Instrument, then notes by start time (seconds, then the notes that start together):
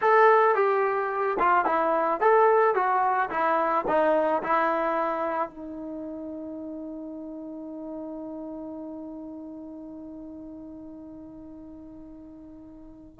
trombone
0.01 A4
0.55 G4
1.39 F4
1.65 E4
2.20 A4
2.74 F#4
3.30 E4
3.87 D#4
4.42 E4
5.49 D#4